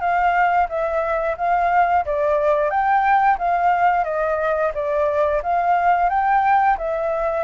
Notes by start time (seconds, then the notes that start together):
0.00 F5
0.69 E5
1.38 F5
2.05 D5
2.70 G5
3.38 F5
4.04 D#5
4.74 D5
5.42 F5
6.09 G5
6.78 E5